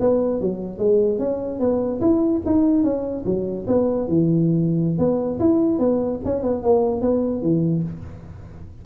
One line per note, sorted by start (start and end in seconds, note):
0.00 0.41 B3
0.41 0.78 F#3
0.78 1.19 G#3
1.19 1.60 C#4
1.60 2.01 B3
2.01 2.42 E4
2.45 2.83 D#4
2.83 3.24 C#4
3.25 3.66 F#3
3.67 4.08 B3
4.08 4.98 E3
4.98 5.39 B3
5.40 5.79 E4
5.79 6.20 B3
6.25 6.42 C#4
6.42 6.63 B3
6.63 7.01 A#3
7.01 7.42 B3
7.42 7.83 E3